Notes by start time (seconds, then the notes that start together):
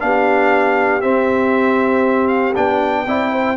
0.00 B3 D4 G4 F5
1.02 C4 E5
2.28 F5
2.56 B3 D4 G5
3.06 C4 E4 D5
3.33 C5